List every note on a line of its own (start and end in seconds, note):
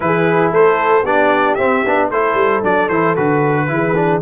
0.00 0.51 E3
0.00 1.03 E4
0.00 0.52 G#4
0.00 0.51 B4
0.51 1.03 A3
0.51 1.03 A4
0.51 1.05 C5
1.03 1.56 B3
1.03 1.58 D4
1.03 2.09 G4
1.03 1.54 D5
1.54 1.84 C4
1.54 1.85 C4
1.54 2.07 E5
1.85 2.10 B3
1.85 2.12 D4
2.10 2.34 A3
2.10 2.63 E4
2.10 3.67 A4
2.10 2.63 C5
2.34 2.60 G3
2.63 2.88 F#3
2.63 2.89 D4
2.63 2.89 D5
2.88 3.15 E3
2.88 3.16 E4
2.88 3.15 C5
3.16 3.69 D3
3.16 3.67 F#4
3.16 4.21 B4
3.67 4.21 E3
3.67 3.94 E4
3.67 4.21 G#4
3.95 4.21 D4